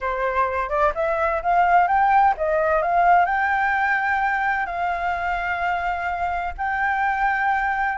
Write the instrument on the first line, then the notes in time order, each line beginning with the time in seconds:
flute
0.00 C5
0.69 D5
0.95 E5
1.42 F5
1.87 G5
2.37 D#5
2.81 F5
3.25 G5
4.66 F5
6.57 G5